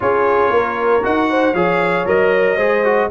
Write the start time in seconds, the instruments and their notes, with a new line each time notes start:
0.00 tuba C#4, trombone F4, horn G#4, trumpet C#5
0.50 tuba A#3, horn A#4
1.02 tuba D#4, trombone F#4, trumpet F#5
1.30 horn C5
1.53 tuba F3, trombone G#4, horn C#5, trumpet F5
2.05 tuba F#3, trombone A#4, trumpet D#5
2.56 tuba G#3, trombone G#4, horn C5
2.84 trombone F#4